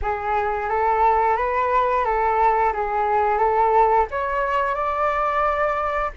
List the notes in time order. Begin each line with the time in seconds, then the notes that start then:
0.02 G#4
0.69 A4
1.36 B4
2.04 A4
2.73 G#4
3.38 A4
4.11 C#5
4.74 D5